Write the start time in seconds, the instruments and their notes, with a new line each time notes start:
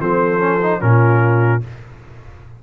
0.00 tuba F3, trombone C4, horn A4, trumpet C5
0.39 trombone C#4
0.63 trombone D#4
0.80 tuba A#2, trombone C#4, horn F4, trumpet A#4